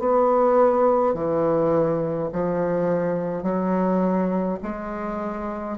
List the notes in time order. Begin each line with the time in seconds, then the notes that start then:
0.00 B3
1.14 E3
2.33 F3
3.43 F#3
4.63 G#3